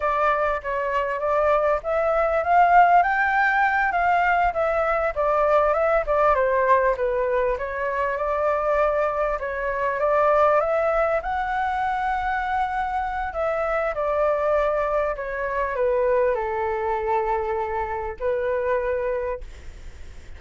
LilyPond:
\new Staff \with { instrumentName = "flute" } { \time 4/4 \tempo 4 = 99 d''4 cis''4 d''4 e''4 | f''4 g''4. f''4 e''8~ | e''8 d''4 e''8 d''8 c''4 b'8~ | b'8 cis''4 d''2 cis''8~ |
cis''8 d''4 e''4 fis''4.~ | fis''2 e''4 d''4~ | d''4 cis''4 b'4 a'4~ | a'2 b'2 | }